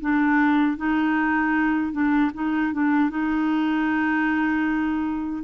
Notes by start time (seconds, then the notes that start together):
0.00 D4
0.77 D#4
1.92 D4
2.33 D#4
2.72 D4
3.10 D#4